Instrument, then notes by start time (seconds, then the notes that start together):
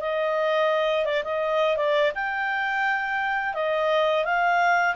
clarinet
0.00 D#5
1.05 D5
1.24 D#5
1.76 D5
2.14 G5
3.54 D#5
4.24 F5